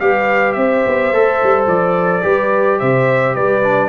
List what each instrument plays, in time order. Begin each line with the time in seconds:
0.00 tuba G3, trombone G4, horn B4, trumpet F5
0.53 tuba C4, horn C5, trumpet E5
0.87 tuba B3
1.13 tuba A3, trombone A4
1.43 tuba G3
1.67 tuba F3, trumpet D5
2.22 tuba G3, trombone G4, horn B4
2.80 tuba C3, horn C5, trumpet E5
3.35 tuba G3, horn B4, trumpet D5
3.64 trombone D4